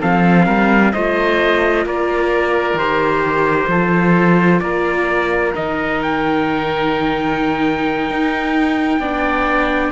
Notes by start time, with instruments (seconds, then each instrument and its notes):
0.00 cello F3, viola C4, oboe A4, trumpet F5
0.46 cello G3, oboe A#4
0.93 cello A3, viola F4, oboe C5, trumpet D#5
1.86 cello A#3, oboe A#4, trumpet D5
2.74 cello D#3, viola G4, trumpet C5
3.68 cello F3, viola F4, oboe A4
4.60 cello A#3, oboe A#4, trumpet D5
5.54 cello D#3, viola D#4, trumpet D#5
6.03 trumpet G5
8.10 cello D#4
8.99 cello B3, viola D4, oboe D5